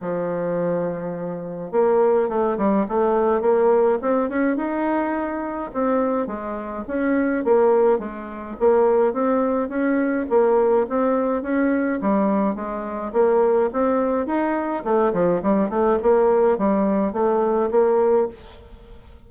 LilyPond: \new Staff \with { instrumentName = "bassoon" } { \time 4/4 \tempo 4 = 105 f2. ais4 | a8 g8 a4 ais4 c'8 cis'8 | dis'2 c'4 gis4 | cis'4 ais4 gis4 ais4 |
c'4 cis'4 ais4 c'4 | cis'4 g4 gis4 ais4 | c'4 dis'4 a8 f8 g8 a8 | ais4 g4 a4 ais4 | }